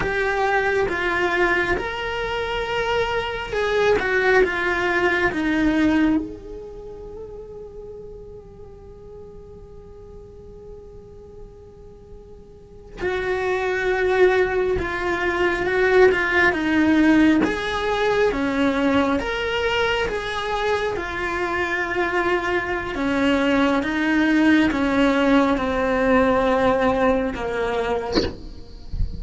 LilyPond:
\new Staff \with { instrumentName = "cello" } { \time 4/4 \tempo 4 = 68 g'4 f'4 ais'2 | gis'8 fis'8 f'4 dis'4 gis'4~ | gis'1~ | gis'2~ gis'8. fis'4~ fis'16~ |
fis'8. f'4 fis'8 f'8 dis'4 gis'16~ | gis'8. cis'4 ais'4 gis'4 f'16~ | f'2 cis'4 dis'4 | cis'4 c'2 ais4 | }